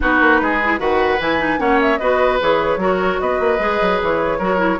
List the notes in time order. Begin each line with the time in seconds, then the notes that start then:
0.00 B3 D#4 F#4 B4
0.20 A#3
0.41 G#3 G#4
0.64 E4
0.78 D#3 F#4 B4 F#5
1.19 E3 E4 G#5
1.39 D#4
1.58 A#3 C#4 C#5 F#5
1.81 E5
1.97 B3 F#4 B4 D#5
2.40 E3 G#4 C#5
2.76 F#3 F#4 A#4
3.19 B3 B4 D#5
3.39 A#3
3.58 G#3 G#4
3.81 F#3
4.02 E3 C#5
4.38 F#3 F#4 A#4
4.57 E4